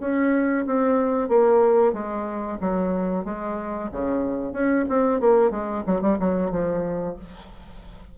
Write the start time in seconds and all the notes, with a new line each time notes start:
0.00 C#4
0.66 C4
1.29 A#3
1.93 G#3
2.61 F#3
3.25 G#3
3.92 C#3
4.52 C#4
4.89 C4
5.20 A#3
5.50 G#3
5.86 F#3
6.01 G3
6.19 F#3
6.51 F3